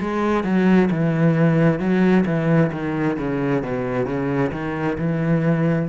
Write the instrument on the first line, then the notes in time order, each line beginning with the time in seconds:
cello
0.00 G#3
0.43 F#3
0.90 E3
1.79 F#3
2.25 E3
2.72 D#3
3.18 C#3
3.62 B2
4.05 C#3
4.52 D#3
4.98 E3